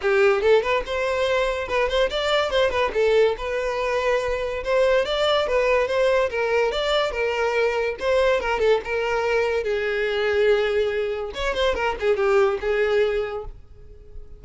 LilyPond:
\new Staff \with { instrumentName = "violin" } { \time 4/4 \tempo 4 = 143 g'4 a'8 b'8 c''2 | b'8 c''8 d''4 c''8 b'8 a'4 | b'2. c''4 | d''4 b'4 c''4 ais'4 |
d''4 ais'2 c''4 | ais'8 a'8 ais'2 gis'4~ | gis'2. cis''8 c''8 | ais'8 gis'8 g'4 gis'2 | }